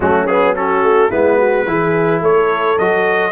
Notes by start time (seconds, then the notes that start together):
0.00 F#3 A3 C#4 F#4
0.26 B3 G#4
0.55 C#4 F#4 A4
0.83 A3
1.10 G#3 B3 E4 B4
1.37 F#4
1.66 E3 E4 G#4
2.21 A3 A4 C#5
2.78 F#3 F#4 D#5